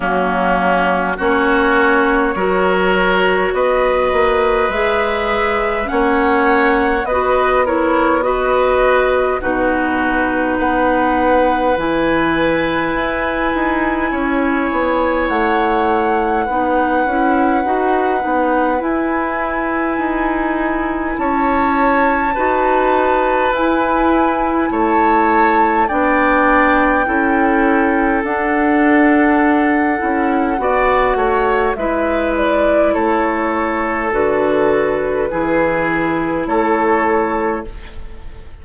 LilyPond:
<<
  \new Staff \with { instrumentName = "flute" } { \time 4/4 \tempo 4 = 51 fis'4 cis''2 dis''4 | e''4 fis''4 dis''8 cis''8 dis''4 | b'4 fis''4 gis''2~ | gis''4 fis''2. |
gis''2 a''2 | gis''4 a''4 g''2 | fis''2. e''8 d''8 | cis''4 b'2 cis''4 | }
  \new Staff \with { instrumentName = "oboe" } { \time 4/4 cis'4 fis'4 ais'4 b'4~ | b'4 cis''4 b'8 ais'8 b'4 | fis'4 b'2. | cis''2 b'2~ |
b'2 cis''4 b'4~ | b'4 cis''4 d''4 a'4~ | a'2 d''8 cis''8 b'4 | a'2 gis'4 a'4 | }
  \new Staff \with { instrumentName = "clarinet" } { \time 4/4 ais4 cis'4 fis'2 | gis'4 cis'4 fis'8 e'8 fis'4 | dis'2 e'2~ | e'2 dis'8 e'8 fis'8 dis'8 |
e'2. fis'4 | e'2 d'4 e'4 | d'4. e'8 fis'4 e'4~ | e'4 fis'4 e'2 | }
  \new Staff \with { instrumentName = "bassoon" } { \time 4/4 fis4 ais4 fis4 b8 ais8 | gis4 ais4 b2 | b,4 b4 e4 e'8 dis'8 | cis'8 b8 a4 b8 cis'8 dis'8 b8 |
e'4 dis'4 cis'4 dis'4 | e'4 a4 b4 cis'4 | d'4. cis'8 b8 a8 gis4 | a4 d4 e4 a4 | }
>>